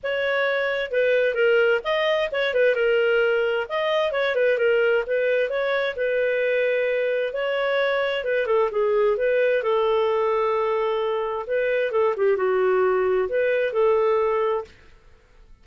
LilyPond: \new Staff \with { instrumentName = "clarinet" } { \time 4/4 \tempo 4 = 131 cis''2 b'4 ais'4 | dis''4 cis''8 b'8 ais'2 | dis''4 cis''8 b'8 ais'4 b'4 | cis''4 b'2. |
cis''2 b'8 a'8 gis'4 | b'4 a'2.~ | a'4 b'4 a'8 g'8 fis'4~ | fis'4 b'4 a'2 | }